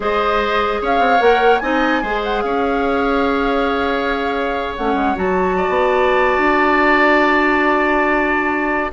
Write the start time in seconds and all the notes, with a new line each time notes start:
0.00 G#3 G#4 C5 D#5
0.81 C#4 C#5 F5
0.99 C4
1.19 A#3 A#4 F#5
1.58 C4 D#4 D#5 G#5
2.02 G#3 G#4 C5
2.24 F#5
2.41 C#4 C#5 F5
4.76 A3 C#4 F#5
4.94 G#3
5.15 F#3 F#4 A5
5.57 D5
5.68 B3
6.37 D4